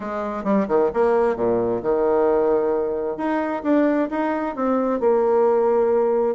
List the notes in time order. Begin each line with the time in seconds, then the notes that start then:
0.00 G#3
0.44 G3
0.68 D#3
0.93 A#3
1.36 A#2
1.82 D#3
3.17 D#4
3.63 D4
4.10 D#4
4.55 C4
5.00 A#3